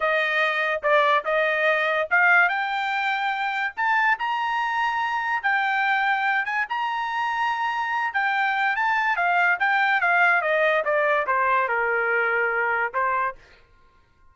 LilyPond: \new Staff \with { instrumentName = "trumpet" } { \time 4/4 \tempo 4 = 144 dis''2 d''4 dis''4~ | dis''4 f''4 g''2~ | g''4 a''4 ais''2~ | ais''4 g''2~ g''8 gis''8 |
ais''2.~ ais''8 g''8~ | g''4 a''4 f''4 g''4 | f''4 dis''4 d''4 c''4 | ais'2. c''4 | }